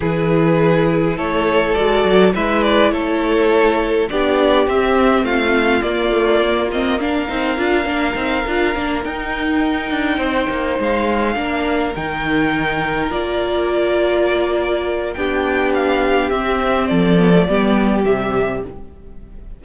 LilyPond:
<<
  \new Staff \with { instrumentName = "violin" } { \time 4/4 \tempo 4 = 103 b'2 cis''4 d''4 | e''8 d''8 cis''2 d''4 | e''4 f''4 d''4. dis''8 | f''2.~ f''8 g''8~ |
g''2~ g''8 f''4.~ | f''8 g''2 d''4.~ | d''2 g''4 f''4 | e''4 d''2 e''4 | }
  \new Staff \with { instrumentName = "violin" } { \time 4/4 gis'2 a'2 | b'4 a'2 g'4~ | g'4 f'2. | ais'1~ |
ais'4. c''2 ais'8~ | ais'1~ | ais'2 g'2~ | g'4 a'4 g'2 | }
  \new Staff \with { instrumentName = "viola" } { \time 4/4 e'2. fis'4 | e'2. d'4 | c'2 ais8 a8 ais8 c'8 | d'8 dis'8 f'8 d'8 dis'8 f'8 d'8 dis'8~ |
dis'2.~ dis'8 d'8~ | d'8 dis'2 f'4.~ | f'2 d'2 | c'4. b16 a16 b4 g4 | }
  \new Staff \with { instrumentName = "cello" } { \time 4/4 e2 a4 gis8 fis8 | gis4 a2 b4 | c'4 a4 ais2~ | ais8 c'8 d'8 ais8 c'8 d'8 ais8 dis'8~ |
dis'4 d'8 c'8 ais8 gis4 ais8~ | ais8 dis2 ais4.~ | ais2 b2 | c'4 f4 g4 c4 | }
>>